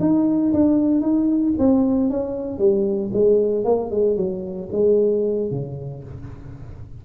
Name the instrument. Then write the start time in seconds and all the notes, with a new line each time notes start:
tuba
0.00 D#4
0.53 D4
1.00 D#4
1.58 C4
2.10 C#4
2.58 G3
3.13 G#3
3.64 A#3
3.91 G#3
4.16 F#3
4.72 G#3
5.51 C#3